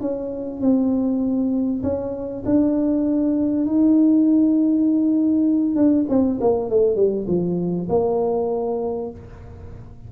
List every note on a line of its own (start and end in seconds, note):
0.00 0.61 C#4
0.61 1.82 C4
1.83 2.44 C#4
2.45 3.66 D4
3.66 5.76 D#4
5.76 6.06 D4
6.09 6.39 C4
6.40 6.70 A#3
6.70 6.96 A3
6.96 7.26 G3
7.27 7.88 F3
7.89 9.10 A#3